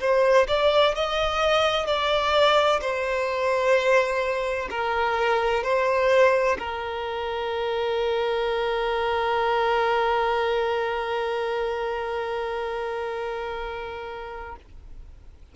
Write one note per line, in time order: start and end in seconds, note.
0.00 0.47 C5
0.48 0.95 D5
0.95 1.86 D#5
1.86 2.80 D5
2.81 4.68 C5
4.70 5.63 A#4
5.63 6.57 C5
6.59 14.56 A#4